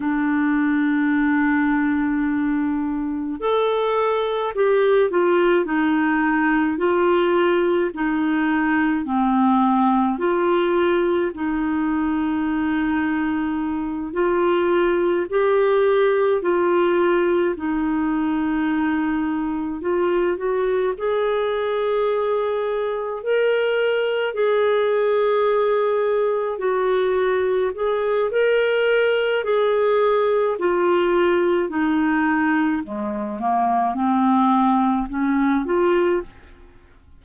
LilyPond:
\new Staff \with { instrumentName = "clarinet" } { \time 4/4 \tempo 4 = 53 d'2. a'4 | g'8 f'8 dis'4 f'4 dis'4 | c'4 f'4 dis'2~ | dis'8 f'4 g'4 f'4 dis'8~ |
dis'4. f'8 fis'8 gis'4.~ | gis'8 ais'4 gis'2 fis'8~ | fis'8 gis'8 ais'4 gis'4 f'4 | dis'4 gis8 ais8 c'4 cis'8 f'8 | }